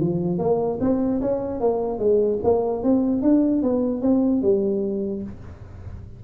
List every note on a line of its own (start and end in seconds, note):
0.00 0.38 F3
0.38 0.79 A#3
0.80 1.21 C4
1.21 1.60 C#4
1.60 1.99 A#3
1.99 2.39 G#3
2.43 2.83 A#3
2.83 3.22 C4
3.22 3.62 D4
3.62 4.02 B3
4.02 4.42 C4
4.42 5.23 G3